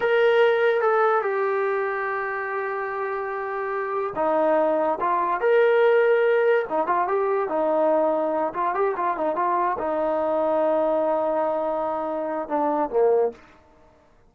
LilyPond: \new Staff \with { instrumentName = "trombone" } { \time 4/4 \tempo 4 = 144 ais'2 a'4 g'4~ | g'1~ | g'2 dis'2 | f'4 ais'2. |
dis'8 f'8 g'4 dis'2~ | dis'8 f'8 g'8 f'8 dis'8 f'4 dis'8~ | dis'1~ | dis'2 d'4 ais4 | }